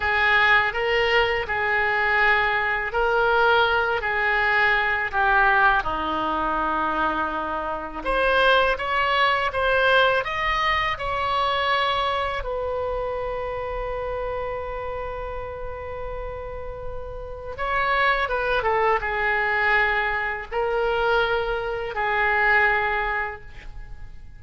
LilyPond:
\new Staff \with { instrumentName = "oboe" } { \time 4/4 \tempo 4 = 82 gis'4 ais'4 gis'2 | ais'4. gis'4. g'4 | dis'2. c''4 | cis''4 c''4 dis''4 cis''4~ |
cis''4 b'2.~ | b'1 | cis''4 b'8 a'8 gis'2 | ais'2 gis'2 | }